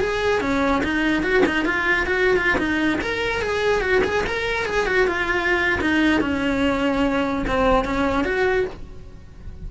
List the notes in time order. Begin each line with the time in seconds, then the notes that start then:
0.00 G#4
0.41 C#4
0.84 D#4
1.23 F#4
1.46 D#4
1.65 F4
2.06 F#4
2.37 F4
2.58 D#4
3.01 A#4
3.41 G#4
3.81 F#4
4.04 G#4
4.26 A#4
4.66 G#4
4.86 F#4
5.07 F4
5.80 D#4
6.21 C#4
7.47 C4
7.85 C#4
8.24 F#4